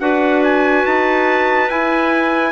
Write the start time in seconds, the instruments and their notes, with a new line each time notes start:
0.00 bassoon D4, clarinet F#4 B4, trumpet F#5
0.44 trumpet G#5
0.86 bassoon D#4, trumpet A5
1.69 clarinet E4, bassoon E4, trumpet G#5